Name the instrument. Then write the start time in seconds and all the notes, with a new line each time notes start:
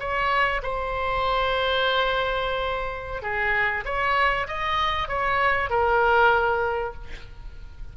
oboe
0.00 C#5
0.63 C5
3.22 G#4
3.85 C#5
4.48 D#5
5.08 C#5
5.70 A#4